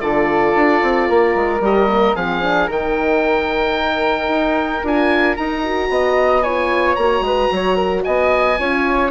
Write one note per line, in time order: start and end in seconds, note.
0.00 0.54 D3
0.00 1.62 F4
0.00 1.09 A4
0.00 1.61 D5
0.55 0.82 D4
0.82 1.09 C4
1.09 1.35 A#3
1.09 2.15 A#4
1.35 1.60 G#3
1.60 2.14 G3
1.60 1.88 G4
1.60 2.16 D#5
1.88 2.15 A#3
2.15 2.68 F3
2.15 2.42 C4
2.15 2.67 G#4
2.15 2.69 F5
2.42 2.68 D4
2.67 4.28 D#3
2.67 4.83 D#4
2.67 5.88 A#4
2.67 4.86 G5
4.28 4.82 D#4
4.83 5.36 D4
4.83 5.36 F4
4.83 5.36 G#5
5.36 5.63 D#4
5.36 5.89 D#4
5.36 6.42 A#5
5.63 6.44 F#4
5.89 6.97 B3
5.89 6.44 D#5
6.42 6.98 F4
6.42 7.24 C#5
6.42 6.95 G#5
6.95 7.20 A#3
6.95 8.58 F#4
6.95 8.02 A#5
7.20 7.47 G#3
7.20 7.52 B4
7.51 8.05 F#3
7.51 7.75 C#5
7.75 8.02 A#4
8.04 8.59 B3
8.04 8.58 D#5
8.04 9.10 G#5
8.58 9.10 C#4
8.58 9.10 F4
8.58 9.10 C#5